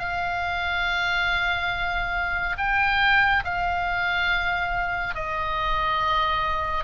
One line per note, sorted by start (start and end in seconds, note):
0.00 2.57 F5
2.58 3.44 G5
3.45 5.15 F5
5.15 6.84 D#5